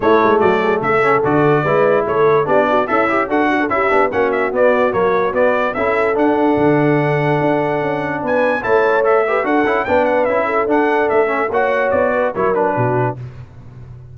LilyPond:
<<
  \new Staff \with { instrumentName = "trumpet" } { \time 4/4 \tempo 4 = 146 cis''4 d''4 e''4 d''4~ | d''4 cis''4 d''4 e''4 | fis''4 e''4 fis''8 e''8 d''4 | cis''4 d''4 e''4 fis''4~ |
fis''1 | gis''4 a''4 e''4 fis''4 | g''8 fis''8 e''4 fis''4 e''4 | fis''4 d''4 cis''8 b'4. | }
  \new Staff \with { instrumentName = "horn" } { \time 4/4 e'4 fis'8 gis'8 a'2 | b'4 a'4 g'8 fis'8 e'4 | a'8 fis'16 a'16 g'4 fis'2~ | fis'2 a'2~ |
a'1 | b'4 cis''4. b'8 a'4 | b'4. a'2~ a'8 | cis''4. b'8 ais'4 fis'4 | }
  \new Staff \with { instrumentName = "trombone" } { \time 4/4 a2~ a8 cis'8 fis'4 | e'2 d'4 a'8 g'8 | fis'4 e'8 d'8 cis'4 b4 | ais4 b4 e'4 d'4~ |
d'1~ | d'4 e'4 a'8 g'8 fis'8 e'8 | d'4 e'4 d'4. cis'8 | fis'2 e'8 d'4. | }
  \new Staff \with { instrumentName = "tuba" } { \time 4/4 a8 gis8 fis4 cis4 d4 | gis4 a4 b4 cis'4 | d'4 cis'8 b8 ais4 b4 | fis4 b4 cis'4 d'4 |
d2 d'4 cis'4 | b4 a2 d'8 cis'8 | b4 cis'4 d'4 a4 | ais4 b4 fis4 b,4 | }
>>